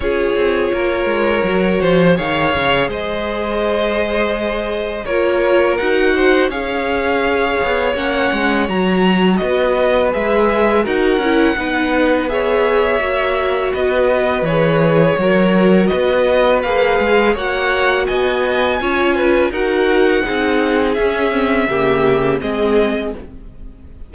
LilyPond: <<
  \new Staff \with { instrumentName = "violin" } { \time 4/4 \tempo 4 = 83 cis''2. f''4 | dis''2. cis''4 | fis''4 f''2 fis''4 | ais''4 dis''4 e''4 fis''4~ |
fis''4 e''2 dis''4 | cis''2 dis''4 f''4 | fis''4 gis''2 fis''4~ | fis''4 e''2 dis''4 | }
  \new Staff \with { instrumentName = "violin" } { \time 4/4 gis'4 ais'4. c''8 cis''4 | c''2. ais'4~ | ais'8 c''8 cis''2.~ | cis''4 b'2 ais'4 |
b'4 cis''2 b'4~ | b'4 ais'4 b'2 | cis''4 dis''4 cis''8 b'8 ais'4 | gis'2 g'4 gis'4 | }
  \new Staff \with { instrumentName = "viola" } { \time 4/4 f'2 fis'4 gis'4~ | gis'2. f'4 | fis'4 gis'2 cis'4 | fis'2 gis'4 fis'8 e'8 |
dis'4 gis'4 fis'2 | gis'4 fis'2 gis'4 | fis'2 f'4 fis'4 | dis'4 cis'8 c'8 ais4 c'4 | }
  \new Staff \with { instrumentName = "cello" } { \time 4/4 cis'8 c'8 ais8 gis8 fis8 f8 dis8 cis8 | gis2. ais4 | dis'4 cis'4. b8 ais8 gis8 | fis4 b4 gis4 dis'8 cis'8 |
b2 ais4 b4 | e4 fis4 b4 ais8 gis8 | ais4 b4 cis'4 dis'4 | c'4 cis'4 cis4 gis4 | }
>>